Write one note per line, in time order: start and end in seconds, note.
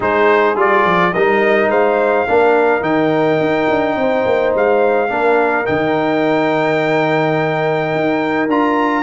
0.00 0.55 G#3
0.00 0.55 D#4
0.00 1.13 G#4
0.00 0.58 C5
0.55 0.84 G3
0.55 1.12 F4
0.55 1.13 D5
0.84 1.13 F3
1.13 1.67 G3
1.13 2.27 D#4
1.13 1.69 A#4
1.13 1.70 D#5
1.67 2.24 G#3
1.67 2.26 C5
1.67 2.83 F5
2.27 2.81 A#3
2.27 2.81 D4
2.27 3.97 A#4
2.81 3.37 D#3
2.81 5.08 D#4
2.81 4.53 G5
3.40 3.68 D#4
3.70 3.95 D4
3.95 4.24 C4
3.95 5.09 C5
4.25 4.54 A#3
4.54 5.10 G#3
4.54 5.66 F5
5.08 5.66 A#3
5.08 5.65 D4
5.08 9.02 A#4
5.66 7.94 D#3
5.66 8.49 D#4
5.66 8.49 G5
7.94 8.47 D#4
8.47 9.02 D4
8.47 9.02 F4
8.47 9.02 A#5